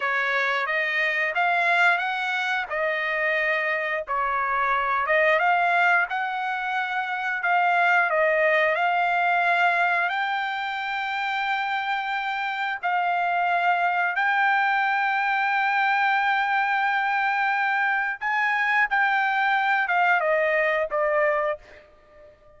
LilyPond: \new Staff \with { instrumentName = "trumpet" } { \time 4/4 \tempo 4 = 89 cis''4 dis''4 f''4 fis''4 | dis''2 cis''4. dis''8 | f''4 fis''2 f''4 | dis''4 f''2 g''4~ |
g''2. f''4~ | f''4 g''2.~ | g''2. gis''4 | g''4. f''8 dis''4 d''4 | }